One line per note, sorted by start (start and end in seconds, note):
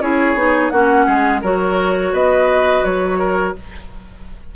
0.00 0.35 C#4
0.00 0.37 E4
0.00 0.73 G#4
0.00 0.70 C#5
0.35 0.70 B3
0.35 0.72 D#4
0.70 1.07 A#3
0.70 1.43 C#4
0.70 1.06 F#4
0.70 1.41 F#5
1.06 1.43 G#3
1.06 1.41 G#4
1.42 2.13 F#3
1.42 3.56 F#4
1.42 2.12 A#4
1.42 2.14 C#5
2.13 2.83 B3
2.13 3.19 B4
2.13 2.85 D#5
2.85 3.55 F#3
2.85 3.55 C#5
3.19 3.54 A#4